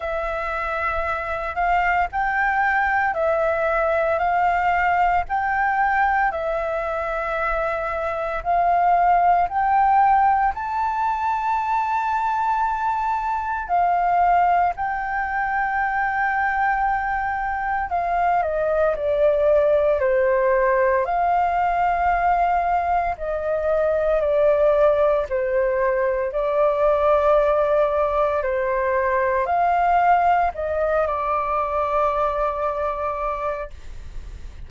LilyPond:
\new Staff \with { instrumentName = "flute" } { \time 4/4 \tempo 4 = 57 e''4. f''8 g''4 e''4 | f''4 g''4 e''2 | f''4 g''4 a''2~ | a''4 f''4 g''2~ |
g''4 f''8 dis''8 d''4 c''4 | f''2 dis''4 d''4 | c''4 d''2 c''4 | f''4 dis''8 d''2~ d''8 | }